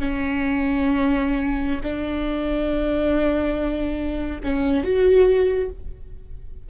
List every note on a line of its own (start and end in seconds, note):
0.00 1.82 C#4
1.84 4.41 D4
4.44 4.84 C#4
4.84 5.70 F#4